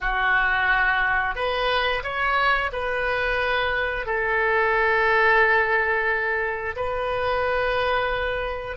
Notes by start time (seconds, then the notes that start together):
0.00 F#4
1.35 B4
2.03 C#5
2.72 B4
4.06 A4
6.76 B4